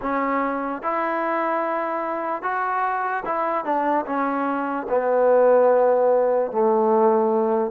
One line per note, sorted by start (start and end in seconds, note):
0.01 0.82 C#4
0.82 2.42 E4
2.42 3.23 F#4
3.25 3.64 E4
3.64 4.05 D4
4.05 4.86 C#4
4.89 6.51 B3
6.51 7.71 A3